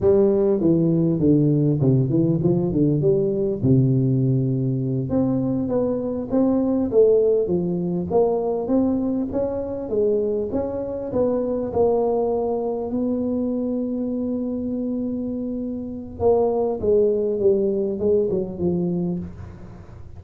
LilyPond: \new Staff \with { instrumentName = "tuba" } { \time 4/4 \tempo 4 = 100 g4 e4 d4 c8 e8 | f8 d8 g4 c2~ | c8 c'4 b4 c'4 a8~ | a8 f4 ais4 c'4 cis'8~ |
cis'8 gis4 cis'4 b4 ais8~ | ais4. b2~ b8~ | b2. ais4 | gis4 g4 gis8 fis8 f4 | }